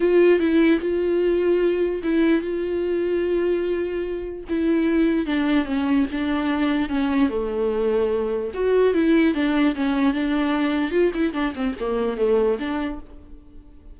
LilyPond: \new Staff \with { instrumentName = "viola" } { \time 4/4 \tempo 4 = 148 f'4 e'4 f'2~ | f'4 e'4 f'2~ | f'2. e'4~ | e'4 d'4 cis'4 d'4~ |
d'4 cis'4 a2~ | a4 fis'4 e'4 d'4 | cis'4 d'2 f'8 e'8 | d'8 c'8 ais4 a4 d'4 | }